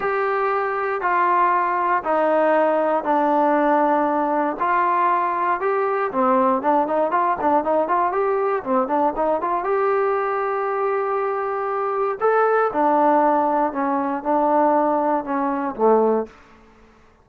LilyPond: \new Staff \with { instrumentName = "trombone" } { \time 4/4 \tempo 4 = 118 g'2 f'2 | dis'2 d'2~ | d'4 f'2 g'4 | c'4 d'8 dis'8 f'8 d'8 dis'8 f'8 |
g'4 c'8 d'8 dis'8 f'8 g'4~ | g'1 | a'4 d'2 cis'4 | d'2 cis'4 a4 | }